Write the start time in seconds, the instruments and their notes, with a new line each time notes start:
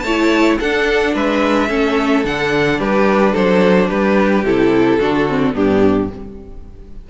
0.00 cello A3, violin C#5 A5
0.08 viola E4
0.60 viola D4, cello D4, violin A4 F#5
1.14 cello G#3, violin B4 E5
1.69 cello A3, viola C#4, violin A4
2.25 cello D3, viola D4, violin F#5
2.79 cello G3, violin G4 B4
3.33 cello F#3, violin A4 C5
3.89 cello G3, violin G4 B4
4.44 cello C3, viola E4, violin A4
5.00 cello D3, viola D4, violin F#4
5.29 viola C4
5.54 cello G2, viola B3, violin D4 G4